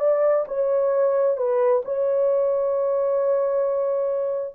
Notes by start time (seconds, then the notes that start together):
0.00 D5
0.48 C#5
1.38 B4
1.85 C#5